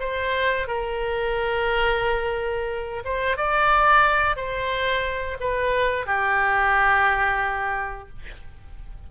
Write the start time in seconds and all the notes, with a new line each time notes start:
0.00 C5
0.68 A#4
3.05 C5
3.37 D5
4.36 C5
5.41 B4
6.06 G4